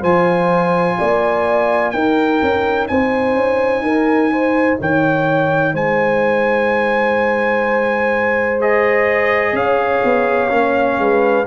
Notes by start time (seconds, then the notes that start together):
0.00 F3 F4 C5 G#5
0.99 A#3 D5
1.91 D#4 A#4 G5
2.42 C#4
2.87 C4 C5 G#5
3.34 C#4
3.81 D#4 A#4
4.32 C5
4.80 D#3 C#5 G5
5.74 G#3 C5 G#5
8.60 G#4 D#5
9.52 C#4 C#5 F5
10.04 B3
10.49 A#3 C#4
10.98 G#3 B4